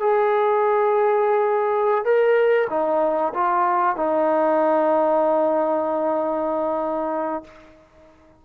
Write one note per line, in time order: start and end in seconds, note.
0.00 2.05 G#4
2.05 2.68 A#4
2.70 3.33 D#4
3.34 3.96 F4
3.96 7.44 D#4